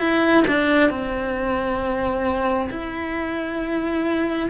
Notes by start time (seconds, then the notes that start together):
0.00 E4
0.47 D4
0.90 C4
2.70 E4